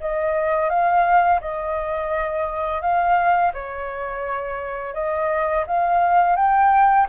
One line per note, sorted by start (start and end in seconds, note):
0.00 0.69 D#5
0.69 1.40 F5
1.41 2.81 D#5
2.81 3.52 F5
3.53 4.94 C#5
4.94 5.64 D#5
5.66 6.36 F5
6.36 7.06 G5